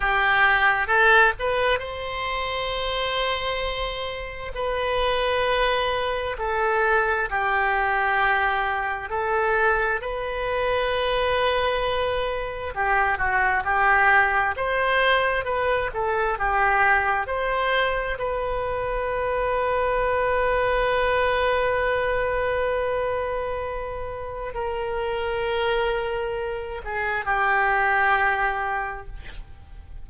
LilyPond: \new Staff \with { instrumentName = "oboe" } { \time 4/4 \tempo 4 = 66 g'4 a'8 b'8 c''2~ | c''4 b'2 a'4 | g'2 a'4 b'4~ | b'2 g'8 fis'8 g'4 |
c''4 b'8 a'8 g'4 c''4 | b'1~ | b'2. ais'4~ | ais'4. gis'8 g'2 | }